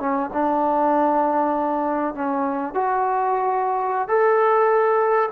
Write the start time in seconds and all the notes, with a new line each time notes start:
0.00 C#4
0.33 D4
2.15 C#4
2.74 F#4
4.08 A4